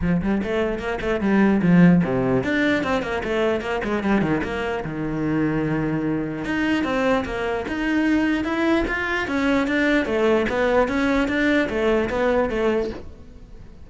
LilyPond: \new Staff \with { instrumentName = "cello" } { \time 4/4 \tempo 4 = 149 f8 g8 a4 ais8 a8 g4 | f4 c4 d'4 c'8 ais8 | a4 ais8 gis8 g8 dis8 ais4 | dis1 |
dis'4 c'4 ais4 dis'4~ | dis'4 e'4 f'4 cis'4 | d'4 a4 b4 cis'4 | d'4 a4 b4 a4 | }